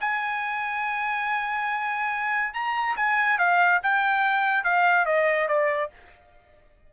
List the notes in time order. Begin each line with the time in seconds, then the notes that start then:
0.00 G#5
2.53 A#5
2.96 G#5
3.38 F5
3.83 G5
4.64 F5
5.05 D#5
5.48 D5